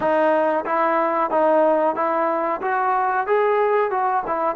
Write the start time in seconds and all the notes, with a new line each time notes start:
0.00 D#4
0.65 E4
1.30 D#4
1.95 E4
2.61 F#4
3.26 G#4
3.90 F#4
4.26 E4